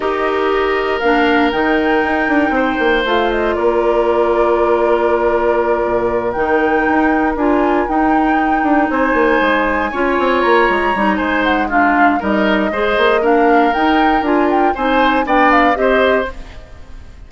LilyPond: <<
  \new Staff \with { instrumentName = "flute" } { \time 4/4 \tempo 4 = 118 dis''2 f''4 g''4~ | g''2 f''8 dis''8 d''4~ | d''1~ | d''8 g''2 gis''4 g''8~ |
g''4. gis''2~ gis''8~ | gis''8 ais''4. gis''8 fis''8 f''4 | dis''2 f''4 g''4 | gis''8 g''8 gis''4 g''8 f''8 dis''4 | }
  \new Staff \with { instrumentName = "oboe" } { \time 4/4 ais'1~ | ais'4 c''2 ais'4~ | ais'1~ | ais'1~ |
ais'4. c''2 cis''8~ | cis''2 c''4 f'4 | ais'4 c''4 ais'2~ | ais'4 c''4 d''4 c''4 | }
  \new Staff \with { instrumentName = "clarinet" } { \time 4/4 g'2 d'4 dis'4~ | dis'2 f'2~ | f'1~ | f'8 dis'2 f'4 dis'8~ |
dis'2.~ dis'8 f'8~ | f'4. dis'4. d'4 | dis'4 gis'4 d'4 dis'4 | f'4 dis'4 d'4 g'4 | }
  \new Staff \with { instrumentName = "bassoon" } { \time 4/4 dis'2 ais4 dis4 | dis'8 d'8 c'8 ais8 a4 ais4~ | ais2.~ ais8 ais,8~ | ais,8 dis4 dis'4 d'4 dis'8~ |
dis'4 d'8 c'8 ais8 gis4 cis'8 | c'8 ais8 gis8 g8 gis2 | g4 gis8 ais4. dis'4 | d'4 c'4 b4 c'4 | }
>>